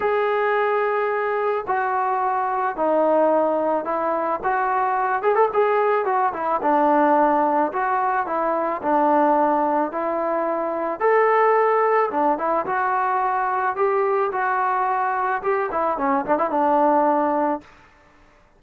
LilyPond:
\new Staff \with { instrumentName = "trombone" } { \time 4/4 \tempo 4 = 109 gis'2. fis'4~ | fis'4 dis'2 e'4 | fis'4. gis'16 a'16 gis'4 fis'8 e'8 | d'2 fis'4 e'4 |
d'2 e'2 | a'2 d'8 e'8 fis'4~ | fis'4 g'4 fis'2 | g'8 e'8 cis'8 d'16 e'16 d'2 | }